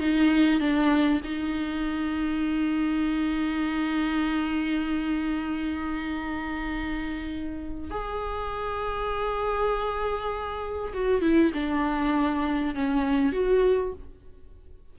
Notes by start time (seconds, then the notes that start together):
0.00 D#4
0.60 D4
1.24 D#4
7.90 G#4
10.94 F#4
11.22 E4
11.54 D4
12.75 C#4
13.33 F#4